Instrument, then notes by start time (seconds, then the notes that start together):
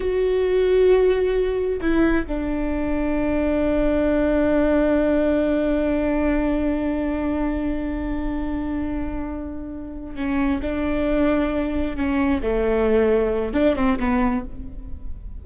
viola
0.00 F#4
1.81 E4
2.27 D4
10.15 C#4
10.61 D4
11.96 C#4
12.42 A3
13.53 D4
13.76 C4
13.99 B3